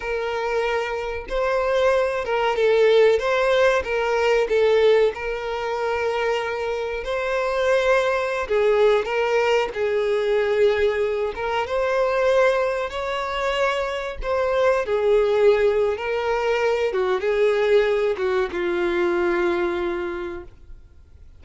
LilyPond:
\new Staff \with { instrumentName = "violin" } { \time 4/4 \tempo 4 = 94 ais'2 c''4. ais'8 | a'4 c''4 ais'4 a'4 | ais'2. c''4~ | c''4~ c''16 gis'4 ais'4 gis'8.~ |
gis'4.~ gis'16 ais'8 c''4.~ c''16~ | c''16 cis''2 c''4 gis'8.~ | gis'4 ais'4. fis'8 gis'4~ | gis'8 fis'8 f'2. | }